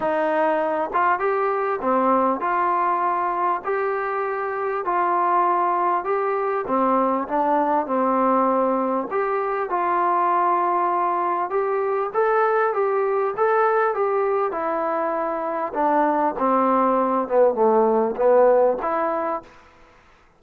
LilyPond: \new Staff \with { instrumentName = "trombone" } { \time 4/4 \tempo 4 = 99 dis'4. f'8 g'4 c'4 | f'2 g'2 | f'2 g'4 c'4 | d'4 c'2 g'4 |
f'2. g'4 | a'4 g'4 a'4 g'4 | e'2 d'4 c'4~ | c'8 b8 a4 b4 e'4 | }